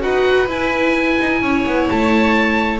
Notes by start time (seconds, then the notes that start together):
0.00 D#4 F#4 B4 F#5
0.47 E4 G#5
1.20 D#4
1.41 C#4 C#5
1.66 B3
1.89 A3 A5